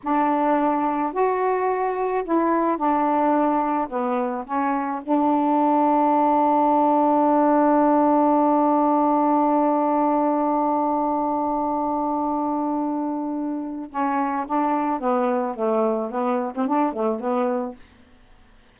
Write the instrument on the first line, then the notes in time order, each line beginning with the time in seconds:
saxophone
0.03 D4
1.12 F#4
2.24 E4
2.77 D4
3.88 B3
4.45 C#4
5.03 D4
13.90 C#4
14.46 D4
14.99 B3
15.55 A3
16.11 B3
16.55 C4
16.67 D4
16.93 A3
17.19 B3